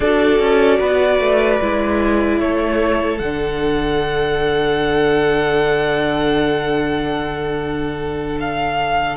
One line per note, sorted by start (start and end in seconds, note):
0.00 0.39 D4
0.00 1.60 F#4
0.00 0.78 A4
0.00 2.39 D5
0.39 0.79 C#4
0.78 1.19 B3
0.78 2.38 B4
1.19 1.59 A3
1.60 2.40 G#3
1.60 3.20 E4
2.39 3.20 A3
2.39 9.16 A4
2.39 3.18 C#5
3.18 9.16 D3
3.18 9.16 D4
3.18 8.38 F#5
8.40 9.16 F5